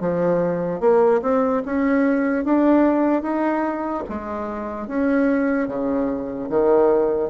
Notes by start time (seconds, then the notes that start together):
0.00 F3
0.80 A#3
1.22 C4
1.65 C#4
2.44 D4
3.22 D#4
4.08 G#3
4.87 C#4
5.68 C#3
6.49 D#3